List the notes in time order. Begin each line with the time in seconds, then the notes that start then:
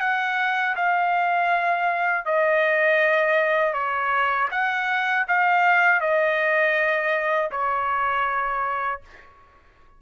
0.00 F#5
0.75 F5
2.25 D#5
3.73 C#5
4.51 F#5
5.28 F5
6.00 D#5
7.51 C#5